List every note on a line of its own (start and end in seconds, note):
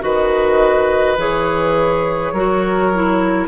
0.00 1.17 D#3
0.00 1.15 F#4
0.00 2.33 B4
0.00 1.18 D#5
1.17 2.32 E3
1.17 2.34 G#4
1.17 3.48 C#5
2.32 3.48 F#3
2.32 2.93 F#4
2.32 3.48 A#4
2.94 3.48 E4